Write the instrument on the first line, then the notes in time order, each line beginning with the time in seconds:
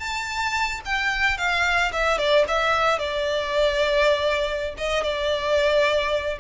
violin
0.00 A5
0.86 G5
1.38 F5
1.93 E5
2.18 D5
2.49 E5
2.99 D5
4.78 D#5
5.04 D5